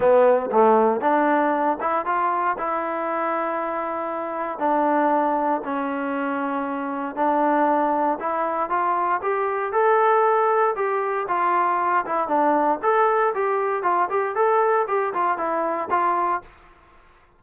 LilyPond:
\new Staff \with { instrumentName = "trombone" } { \time 4/4 \tempo 4 = 117 b4 a4 d'4. e'8 | f'4 e'2.~ | e'4 d'2 cis'4~ | cis'2 d'2 |
e'4 f'4 g'4 a'4~ | a'4 g'4 f'4. e'8 | d'4 a'4 g'4 f'8 g'8 | a'4 g'8 f'8 e'4 f'4 | }